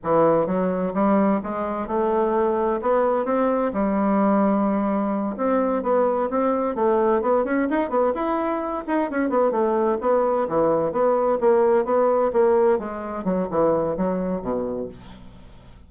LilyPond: \new Staff \with { instrumentName = "bassoon" } { \time 4/4 \tempo 4 = 129 e4 fis4 g4 gis4 | a2 b4 c'4 | g2.~ g8 c'8~ | c'8 b4 c'4 a4 b8 |
cis'8 dis'8 b8 e'4. dis'8 cis'8 | b8 a4 b4 e4 b8~ | b8 ais4 b4 ais4 gis8~ | gis8 fis8 e4 fis4 b,4 | }